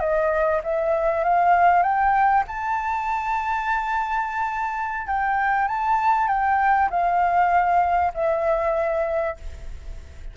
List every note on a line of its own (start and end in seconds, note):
0.00 0.61 D#5
0.64 1.24 E5
1.24 1.83 F5
1.83 2.44 G5
2.47 5.07 A5
5.07 5.68 G5
5.68 6.28 A5
6.28 6.89 G5
6.90 8.13 F5
8.14 9.37 E5